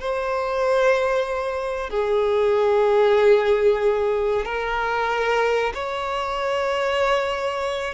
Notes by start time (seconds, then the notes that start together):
0.00 C5
1.90 G#4
4.45 A#4
5.74 C#5